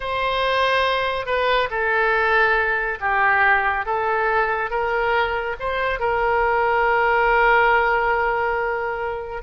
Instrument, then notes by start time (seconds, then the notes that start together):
oboe
0.00 C5
1.26 B4
1.70 A4
3.00 G4
3.85 A4
4.70 A#4
5.59 C5
5.99 A#4